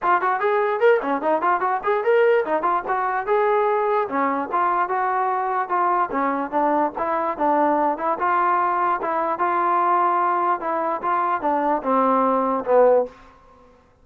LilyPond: \new Staff \with { instrumentName = "trombone" } { \time 4/4 \tempo 4 = 147 f'8 fis'8 gis'4 ais'8 cis'8 dis'8 f'8 | fis'8 gis'8 ais'4 dis'8 f'8 fis'4 | gis'2 cis'4 f'4 | fis'2 f'4 cis'4 |
d'4 e'4 d'4. e'8 | f'2 e'4 f'4~ | f'2 e'4 f'4 | d'4 c'2 b4 | }